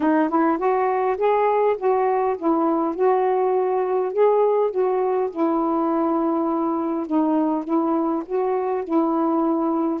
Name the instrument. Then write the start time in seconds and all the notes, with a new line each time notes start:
saxophone
0.00 D#4
0.29 E4
0.57 F#4
1.17 G#4
1.77 F#4
2.37 E4
2.95 F#4
4.12 G#4
4.71 F#4
5.30 E4
7.06 D#4
7.64 E4
8.25 F#4
8.83 E4